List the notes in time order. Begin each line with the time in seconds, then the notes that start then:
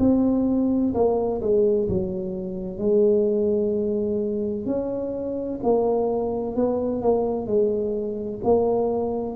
0.00 C4
0.95 A#3
1.42 G#3
1.89 F#3
2.79 G#3
4.66 C#4
5.63 A#3
6.56 B3
7.02 A#3
7.47 G#3
8.44 A#3